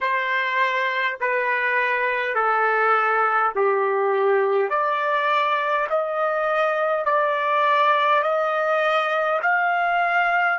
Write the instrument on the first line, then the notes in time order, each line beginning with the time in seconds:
trumpet
0.00 C5
1.20 B4
2.34 A4
3.55 G4
4.69 D5
5.89 D#5
7.05 D5
8.22 D#5
9.41 F5